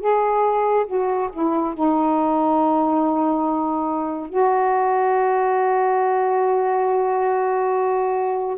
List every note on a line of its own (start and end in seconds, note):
0.00 0.86 G#4
0.86 1.29 F#4
1.32 1.74 E4
1.74 4.29 D#4
4.29 8.58 F#4